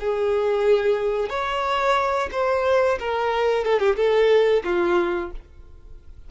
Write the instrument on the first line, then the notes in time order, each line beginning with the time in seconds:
violin
0.00 G#4
1.30 C#5
2.32 C5
3.00 A#4
3.65 A4
3.80 G4
3.97 A4
4.65 F4